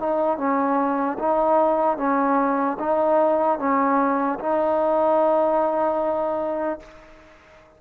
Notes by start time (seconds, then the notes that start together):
0.00 D#4
0.38 C#4
1.19 D#4
1.98 C#4
2.80 D#4
3.59 C#4
4.40 D#4